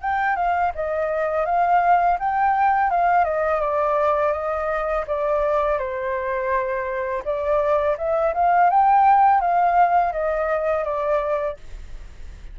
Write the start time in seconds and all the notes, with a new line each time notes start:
0.00 G5
0.35 F5
0.75 D#5
1.45 F5
2.19 G5
2.90 F5
3.24 D#5
3.60 D5
4.32 D#5
5.07 D5
5.78 C5
7.24 D5
7.97 E5
8.34 F5
8.70 G5
9.40 F5
10.12 D#5
10.84 D5